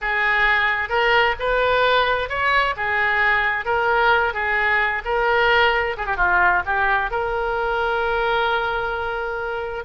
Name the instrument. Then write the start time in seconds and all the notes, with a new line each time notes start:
oboe
0.01 G#4
0.89 A#4
1.39 B4
2.29 C#5
2.76 G#4
3.65 A#4
4.33 G#4
5.04 A#4
5.97 G#4
6.05 G4
6.16 F4
6.65 G4
7.11 A#4